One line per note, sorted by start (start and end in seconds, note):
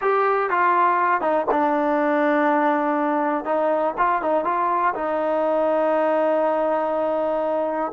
0.01 0.50 G4
0.50 1.21 F4
1.21 1.46 D#4
1.51 3.45 D4
3.45 3.94 D#4
3.97 4.22 F4
4.22 4.44 D#4
4.44 4.94 F4
4.94 7.92 D#4